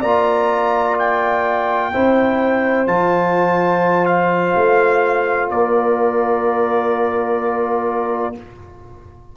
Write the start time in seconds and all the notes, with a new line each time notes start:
0.00 A#3 F4 D5 A#5
0.99 G5
1.93 C4 E4 C5
2.87 F3 F4 A5
4.06 F5
4.57 A3
5.51 A#3 A#4 D5